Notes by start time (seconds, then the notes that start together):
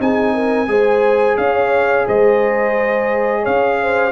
0.00 C4 D#4 G#4 G#5
0.34 A#4
0.68 G#3 G#4 C5
1.37 C#4 C#5 F5
2.07 G#3 C5 D#5
3.42 C#4 C#5 F5
3.82 C5